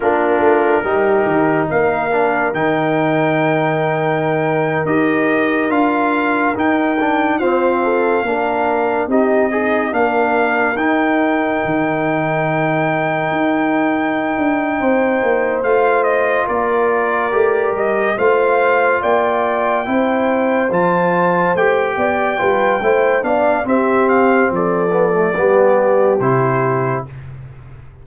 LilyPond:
<<
  \new Staff \with { instrumentName = "trumpet" } { \time 4/4 \tempo 4 = 71 ais'2 f''4 g''4~ | g''4.~ g''16 dis''4 f''4 g''16~ | g''8. f''2 dis''4 f''16~ | f''8. g''2.~ g''16~ |
g''2~ g''8 f''8 dis''8 d''8~ | d''4 dis''8 f''4 g''4.~ | g''8 a''4 g''2 f''8 | e''8 f''8 d''2 c''4 | }
  \new Staff \with { instrumentName = "horn" } { \time 4/4 f'4 g'4 ais'2~ | ais'1~ | ais'8. c''8 a'8 ais'4 g'8 dis'8 ais'16~ | ais'1~ |
ais'4. c''2 ais'8~ | ais'4. c''4 d''4 c''8~ | c''2 d''8 b'8 c''8 d''8 | g'4 a'4 g'2 | }
  \new Staff \with { instrumentName = "trombone" } { \time 4/4 d'4 dis'4. d'8 dis'4~ | dis'4.~ dis'16 g'4 f'4 dis'16~ | dis'16 d'8 c'4 d'4 dis'8 gis'8 d'16~ | d'8. dis'2.~ dis'16~ |
dis'2~ dis'8 f'4.~ | f'8 g'4 f'2 e'8~ | e'8 f'4 g'4 f'8 e'8 d'8 | c'4. b16 a16 b4 e'4 | }
  \new Staff \with { instrumentName = "tuba" } { \time 4/4 ais8 a8 g8 dis8 ais4 dis4~ | dis4.~ dis16 dis'4 d'4 dis'16~ | dis'8. f'4 ais4 c'4 ais16~ | ais8. dis'4 dis2 dis'16~ |
dis'4 d'8 c'8 ais8 a4 ais8~ | ais8 a8 g8 a4 ais4 c'8~ | c'8 f4 a8 b8 g8 a8 b8 | c'4 f4 g4 c4 | }
>>